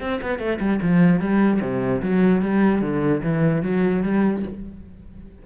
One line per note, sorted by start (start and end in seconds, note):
0.00 0.20 C4
0.22 0.38 B3
0.38 0.58 A3
0.60 0.80 G3
0.82 1.20 F3
1.20 1.60 G3
1.61 2.01 C3
2.02 2.41 F#3
2.41 2.81 G3
2.81 3.22 D3
3.22 3.62 E3
3.62 4.02 F#3
4.02 4.43 G3